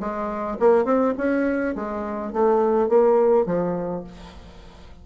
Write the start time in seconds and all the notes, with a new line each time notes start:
0.00 G#3
0.60 A#3
0.85 C4
1.18 C#4
1.75 G#3
2.33 A3
2.89 A#3
3.46 F3